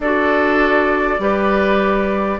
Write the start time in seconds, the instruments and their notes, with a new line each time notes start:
0.00 bassoon D4, clarinet F#4, oboe A4, flute D5
1.18 bassoon G3, clarinet G4, oboe B4